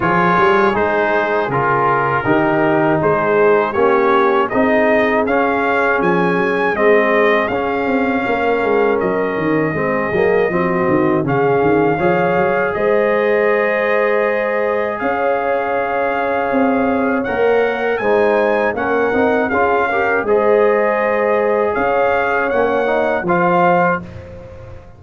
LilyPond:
<<
  \new Staff \with { instrumentName = "trumpet" } { \time 4/4 \tempo 4 = 80 cis''4 c''4 ais'2 | c''4 cis''4 dis''4 f''4 | gis''4 dis''4 f''2 | dis''2. f''4~ |
f''4 dis''2. | f''2. fis''4 | gis''4 fis''4 f''4 dis''4~ | dis''4 f''4 fis''4 f''4 | }
  \new Staff \with { instrumentName = "horn" } { \time 4/4 gis'2. g'4 | gis'4 g'4 gis'2~ | gis'2. ais'4~ | ais'4 gis'4 fis'4 gis'4 |
cis''4 c''2. | cis''1 | c''4 ais'4 gis'8 ais'8 c''4~ | c''4 cis''2 c''4 | }
  \new Staff \with { instrumentName = "trombone" } { \time 4/4 f'4 dis'4 f'4 dis'4~ | dis'4 cis'4 dis'4 cis'4~ | cis'4 c'4 cis'2~ | cis'4 c'8 ais8 c'4 cis'4 |
gis'1~ | gis'2. ais'4 | dis'4 cis'8 dis'8 f'8 g'8 gis'4~ | gis'2 cis'8 dis'8 f'4 | }
  \new Staff \with { instrumentName = "tuba" } { \time 4/4 f8 g8 gis4 cis4 dis4 | gis4 ais4 c'4 cis'4 | f8 fis8 gis4 cis'8 c'8 ais8 gis8 | fis8 dis8 gis8 fis8 f8 dis8 cis8 dis8 |
f8 fis8 gis2. | cis'2 c'4 ais4 | gis4 ais8 c'8 cis'4 gis4~ | gis4 cis'4 ais4 f4 | }
>>